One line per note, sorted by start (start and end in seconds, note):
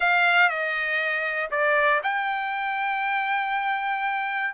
0.00 0.49 F5
0.49 1.49 D#5
1.50 2.01 D5
2.03 4.54 G5